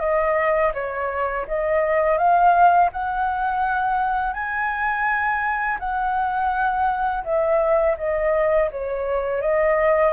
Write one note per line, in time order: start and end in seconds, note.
0.00 0.72 D#5
0.74 1.46 C#5
1.48 2.18 D#5
2.18 2.90 F5
2.92 4.33 F#5
4.33 5.78 G#5
5.80 7.24 F#5
7.24 7.96 E5
7.98 8.70 D#5
8.71 9.42 C#5
9.42 10.13 D#5